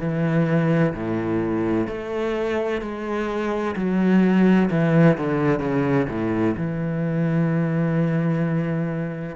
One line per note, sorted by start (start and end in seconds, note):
0.00 0.94 E3
0.94 1.87 A2
1.87 2.81 A3
2.81 3.75 G#3
3.75 4.69 F#3
4.70 5.17 E3
5.18 5.59 D3
5.59 6.06 C#3
6.09 6.55 A2
6.56 9.36 E3